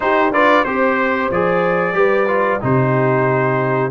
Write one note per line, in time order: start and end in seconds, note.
0.00 0.32 D#4
0.00 0.30 D#4
0.00 0.33 G4
0.00 0.32 C5
0.30 0.63 D4
0.30 0.65 F4
0.30 0.65 B4
0.30 0.64 D5
0.64 1.30 C4
0.64 1.32 G4
0.64 1.29 C5
0.64 1.96 C5
1.30 1.93 F3
1.30 1.93 G#4
1.30 2.62 D5
1.93 2.58 G3
1.93 2.26 G4
1.93 2.61 B4
2.27 2.60 F4
2.60 3.90 C3
2.60 3.90 D#4
2.60 3.90 G4
2.60 3.90 C5